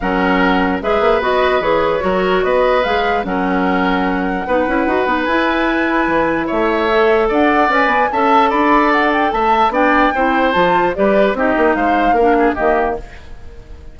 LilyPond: <<
  \new Staff \with { instrumentName = "flute" } { \time 4/4 \tempo 4 = 148 fis''2 e''4 dis''4 | cis''2 dis''4 f''4 | fis''1~ | fis''4 gis''2. |
e''2 fis''4 gis''4 | a''4 b''4 fis''8 g''8 a''4 | g''2 a''4 d''4 | dis''4 f''2 dis''4 | }
  \new Staff \with { instrumentName = "oboe" } { \time 4/4 ais'2 b'2~ | b'4 ais'4 b'2 | ais'2. b'4~ | b'1 |
cis''2 d''2 | e''4 d''2 e''4 | d''4 c''2 b'4 | g'4 c''4 ais'8 gis'8 g'4 | }
  \new Staff \with { instrumentName = "clarinet" } { \time 4/4 cis'2 gis'4 fis'4 | gis'4 fis'2 gis'4 | cis'2. dis'8 e'8 | fis'8 dis'8 e'2.~ |
e'4 a'2 b'4 | a'1 | d'4 e'4 f'4 g'4 | dis'2 d'4 ais4 | }
  \new Staff \with { instrumentName = "bassoon" } { \time 4/4 fis2 gis8 ais8 b4 | e4 fis4 b4 gis4 | fis2. b8 cis'8 | dis'8 b8 e'2 e4 |
a2 d'4 cis'8 b8 | cis'4 d'2 a4 | b4 c'4 f4 g4 | c'8 ais8 gis4 ais4 dis4 | }
>>